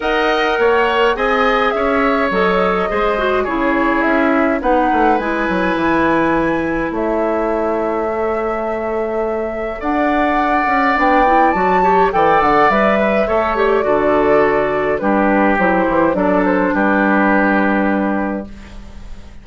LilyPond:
<<
  \new Staff \with { instrumentName = "flute" } { \time 4/4 \tempo 4 = 104 fis''2 gis''4 e''4 | dis''2 cis''4 e''4 | fis''4 gis''2. | e''1~ |
e''4 fis''2 g''4 | a''4 g''8 fis''8 e''4. d''8~ | d''2 b'4 c''4 | d''8 c''8 b'2. | }
  \new Staff \with { instrumentName = "oboe" } { \time 4/4 dis''4 cis''4 dis''4 cis''4~ | cis''4 c''4 gis'2 | b'1 | cis''1~ |
cis''4 d''2.~ | d''8 cis''8 d''4. b'8 cis''4 | a'2 g'2 | a'4 g'2. | }
  \new Staff \with { instrumentName = "clarinet" } { \time 4/4 ais'2 gis'2 | a'4 gis'8 fis'8 e'2 | dis'4 e'2.~ | e'2 a'2~ |
a'2. d'8 e'8 | fis'8 g'8 a'4 b'4 a'8 g'8 | fis'2 d'4 e'4 | d'1 | }
  \new Staff \with { instrumentName = "bassoon" } { \time 4/4 dis'4 ais4 c'4 cis'4 | fis4 gis4 cis4 cis'4 | b8 a8 gis8 fis8 e2 | a1~ |
a4 d'4. cis'8 b4 | fis4 e8 d8 g4 a4 | d2 g4 fis8 e8 | fis4 g2. | }
>>